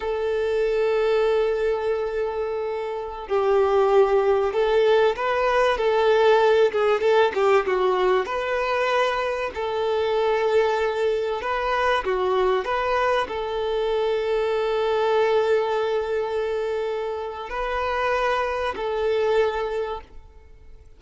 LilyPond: \new Staff \with { instrumentName = "violin" } { \time 4/4 \tempo 4 = 96 a'1~ | a'4~ a'16 g'2 a'8.~ | a'16 b'4 a'4. gis'8 a'8 g'16~ | g'16 fis'4 b'2 a'8.~ |
a'2~ a'16 b'4 fis'8.~ | fis'16 b'4 a'2~ a'8.~ | a'1 | b'2 a'2 | }